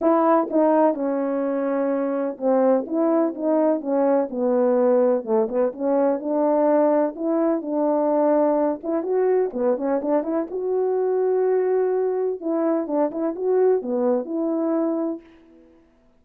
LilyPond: \new Staff \with { instrumentName = "horn" } { \time 4/4 \tempo 4 = 126 e'4 dis'4 cis'2~ | cis'4 c'4 e'4 dis'4 | cis'4 b2 a8 b8 | cis'4 d'2 e'4 |
d'2~ d'8 e'8 fis'4 | b8 cis'8 d'8 e'8 fis'2~ | fis'2 e'4 d'8 e'8 | fis'4 b4 e'2 | }